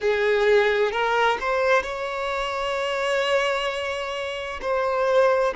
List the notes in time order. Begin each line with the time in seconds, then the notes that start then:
0.00 G#4
0.91 A#4
1.40 C5
1.83 C#5
4.61 C5